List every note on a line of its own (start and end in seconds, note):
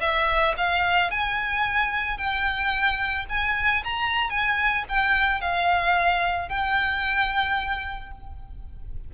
0.00 0.54 E5
0.57 1.10 F5
1.10 2.17 G#5
2.17 3.25 G5
3.29 3.83 G#5
3.84 4.30 A#5
4.30 4.84 G#5
4.88 5.41 G5
5.41 6.49 F5
6.49 8.11 G5